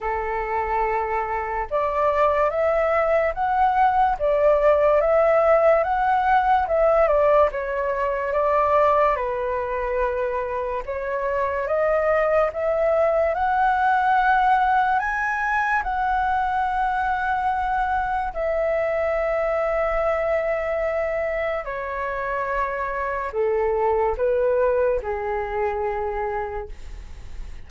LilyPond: \new Staff \with { instrumentName = "flute" } { \time 4/4 \tempo 4 = 72 a'2 d''4 e''4 | fis''4 d''4 e''4 fis''4 | e''8 d''8 cis''4 d''4 b'4~ | b'4 cis''4 dis''4 e''4 |
fis''2 gis''4 fis''4~ | fis''2 e''2~ | e''2 cis''2 | a'4 b'4 gis'2 | }